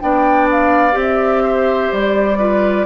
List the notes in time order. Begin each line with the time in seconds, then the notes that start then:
0.00 B3 D4 D5 G5
0.51 F5
0.92 C4 G4
1.01 E5
1.43 C5
1.92 G3 D5
2.38 F4 B4